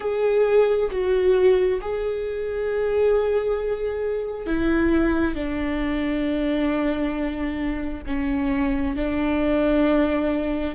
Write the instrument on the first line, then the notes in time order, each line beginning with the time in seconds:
viola
0.00 G#4
0.90 F#4
1.81 G#4
4.46 E4
5.34 D4
8.06 C#4
8.96 D4